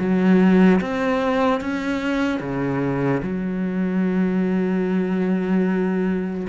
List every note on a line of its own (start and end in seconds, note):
0.00 0.81 F#3
0.81 1.61 C4
1.61 2.41 C#4
2.41 3.22 C#3
3.23 6.48 F#3